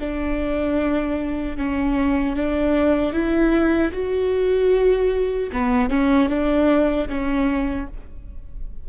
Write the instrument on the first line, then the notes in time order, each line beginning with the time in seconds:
viola
0.00 D4
1.58 C#4
2.36 D4
3.13 E4
3.93 F#4
5.53 B3
5.90 C#4
6.29 D4
7.09 C#4